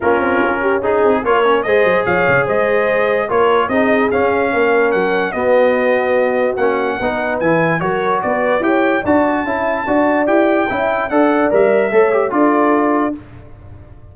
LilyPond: <<
  \new Staff \with { instrumentName = "trumpet" } { \time 4/4 \tempo 4 = 146 ais'2 gis'4 cis''4 | dis''4 f''4 dis''2 | cis''4 dis''4 f''2 | fis''4 dis''2. |
fis''2 gis''4 cis''4 | d''4 g''4 a''2~ | a''4 g''2 fis''4 | e''2 d''2 | }
  \new Staff \with { instrumentName = "horn" } { \time 4/4 f'4. g'8 gis'4 ais'4 | c''4 cis''4 c''2 | ais'4 gis'2 ais'4~ | ais'4 fis'2.~ |
fis'4 b'2 ais'4 | b'4 cis''4 d''4 e''4 | d''2 e''4 d''4~ | d''4 cis''4 a'2 | }
  \new Staff \with { instrumentName = "trombone" } { \time 4/4 cis'2 dis'4 f'8 cis'8 | gis'1 | f'4 dis'4 cis'2~ | cis'4 b2. |
cis'4 dis'4 e'4 fis'4~ | fis'4 g'4 fis'4 e'4 | fis'4 g'4 e'4 a'4 | ais'4 a'8 g'8 f'2 | }
  \new Staff \with { instrumentName = "tuba" } { \time 4/4 ais8 c'8 cis'4. c'8 ais4 | gis8 fis8 f8 cis8 gis2 | ais4 c'4 cis'4 ais4 | fis4 b2. |
ais4 b4 e4 fis4 | b4 e'4 d'4 cis'4 | d'4 e'4 cis'4 d'4 | g4 a4 d'2 | }
>>